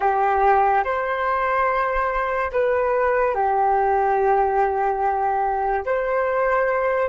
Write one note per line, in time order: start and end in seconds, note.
0.00 0.83 G4
0.84 2.51 C5
2.52 3.34 B4
3.34 5.84 G4
5.85 7.08 C5